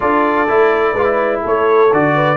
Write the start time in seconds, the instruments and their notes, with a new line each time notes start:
0.00 tuba D4, trombone F4, horn A4, trumpet D5
0.48 tuba A3, trombone E4
0.92 tuba G#3, trombone F4, horn B4
1.05 trombone E4
1.42 tuba A3, horn A4, trumpet C#5
1.92 tuba D3, trombone F#4, trumpet D5
2.14 horn B4